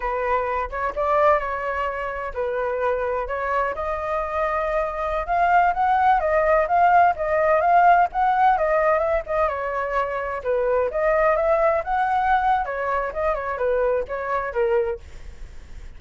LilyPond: \new Staff \with { instrumentName = "flute" } { \time 4/4 \tempo 4 = 128 b'4. cis''8 d''4 cis''4~ | cis''4 b'2 cis''4 | dis''2.~ dis''16 f''8.~ | f''16 fis''4 dis''4 f''4 dis''8.~ |
dis''16 f''4 fis''4 dis''4 e''8 dis''16~ | dis''16 cis''2 b'4 dis''8.~ | dis''16 e''4 fis''4.~ fis''16 cis''4 | dis''8 cis''8 b'4 cis''4 ais'4 | }